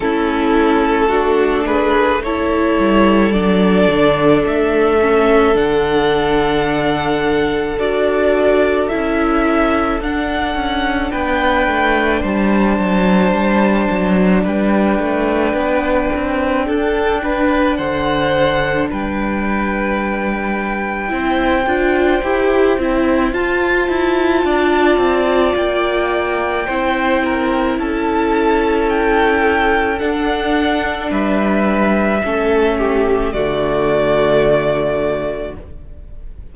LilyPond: <<
  \new Staff \with { instrumentName = "violin" } { \time 4/4 \tempo 4 = 54 a'4. b'8 cis''4 d''4 | e''4 fis''2 d''4 | e''4 fis''4 g''4 a''4~ | a''4 g''2. |
fis''4 g''2.~ | g''4 a''2 g''4~ | g''4 a''4 g''4 fis''4 | e''2 d''2 | }
  \new Staff \with { instrumentName = "violin" } { \time 4/4 e'4 fis'8 gis'8 a'2~ | a'1~ | a'2 b'4 c''4~ | c''4 b'2 a'8 b'8 |
c''4 b'2 c''4~ | c''2 d''2 | c''8 ais'8 a'2. | b'4 a'8 g'8 fis'2 | }
  \new Staff \with { instrumentName = "viola" } { \time 4/4 cis'4 d'4 e'4 d'4~ | d'8 cis'8 d'2 fis'4 | e'4 d'2.~ | d'1~ |
d'2. e'8 f'8 | g'8 e'8 f'2. | e'2. d'4~ | d'4 cis'4 a2 | }
  \new Staff \with { instrumentName = "cello" } { \time 4/4 a2~ a8 g8 fis8 d8 | a4 d2 d'4 | cis'4 d'8 cis'8 b8 a8 g8 fis8 | g8 fis8 g8 a8 b8 c'8 d'4 |
d4 g2 c'8 d'8 | e'8 c'8 f'8 e'8 d'8 c'8 ais4 | c'4 cis'2 d'4 | g4 a4 d2 | }
>>